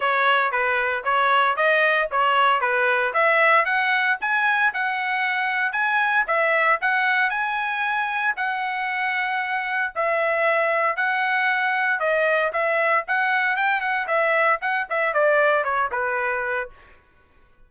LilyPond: \new Staff \with { instrumentName = "trumpet" } { \time 4/4 \tempo 4 = 115 cis''4 b'4 cis''4 dis''4 | cis''4 b'4 e''4 fis''4 | gis''4 fis''2 gis''4 | e''4 fis''4 gis''2 |
fis''2. e''4~ | e''4 fis''2 dis''4 | e''4 fis''4 g''8 fis''8 e''4 | fis''8 e''8 d''4 cis''8 b'4. | }